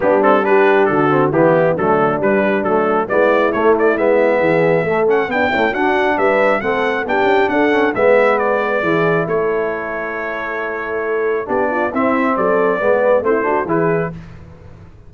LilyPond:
<<
  \new Staff \with { instrumentName = "trumpet" } { \time 4/4 \tempo 4 = 136 g'8 a'8 b'4 a'4 g'4 | a'4 b'4 a'4 d''4 | cis''8 d''8 e''2~ e''8 fis''8 | g''4 fis''4 e''4 fis''4 |
g''4 fis''4 e''4 d''4~ | d''4 cis''2.~ | cis''2 d''4 e''4 | d''2 c''4 b'4 | }
  \new Staff \with { instrumentName = "horn" } { \time 4/4 d'4 g'4 fis'4 e'4 | d'2. e'4~ | e'2 gis'4 a'4 | d'8 e'8 fis'4 b'4 a'4 |
g'4 a'4 b'2 | gis'4 a'2.~ | a'2 g'8 f'8 e'4 | a'4 b'4 e'8 fis'8 gis'4 | }
  \new Staff \with { instrumentName = "trombone" } { \time 4/4 b8 c'8 d'4. c'8 b4 | a4 g4 a4 b4 | a4 b2 a8 cis'8 | b8 a8 d'2 c'4 |
d'4. cis'8 b2 | e'1~ | e'2 d'4 c'4~ | c'4 b4 c'8 d'8 e'4 | }
  \new Staff \with { instrumentName = "tuba" } { \time 4/4 g2 d4 e4 | fis4 g4 fis4 gis4 | a4 gis4 e4 a4 | b8 cis'8 d'4 g4 a4 |
b8 cis'8 d'4 gis2 | e4 a2.~ | a2 b4 c'4 | fis4 gis4 a4 e4 | }
>>